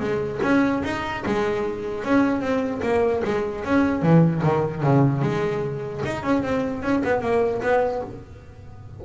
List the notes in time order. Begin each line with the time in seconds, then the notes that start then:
0.00 G#3
0.43 C#4
0.84 D#4
1.26 G#3
2.04 C#4
2.41 C4
2.83 A#3
3.25 G#3
3.65 C#4
4.02 E3
4.43 D#3
4.83 C#3
5.22 G#3
6.05 D#4
6.23 C#4
6.43 C4
6.83 C#4
7.04 B3
7.21 A#3
7.62 B3